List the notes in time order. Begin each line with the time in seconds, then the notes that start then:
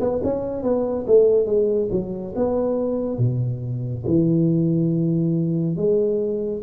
0.00 B3
0.23 C#4
0.63 B3
1.07 A3
1.46 G#3
1.91 F#3
2.35 B3
3.18 B2
4.06 E3
5.76 G#3